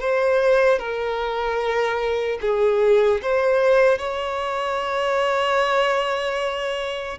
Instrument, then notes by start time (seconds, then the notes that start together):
violin
0.00 C5
0.79 A#4
2.41 G#4
3.22 C5
3.98 C#5